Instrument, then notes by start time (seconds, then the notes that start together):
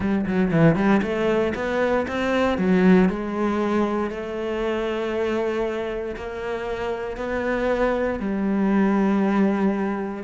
cello
0.00 G3
0.26 F#3
0.51 E3
0.75 G3
1.02 A3
1.55 B3
2.07 C4
2.58 F#3
3.09 G#3
4.10 A3
6.16 A#3
7.17 B3
8.19 G3